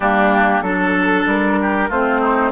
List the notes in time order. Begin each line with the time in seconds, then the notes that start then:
0.00 G3 A#3 D4 G4
0.61 F#3 D4 A4
1.25 G3 A#4
1.61 G4
1.89 A3 C4 F4 C5
2.20 D#4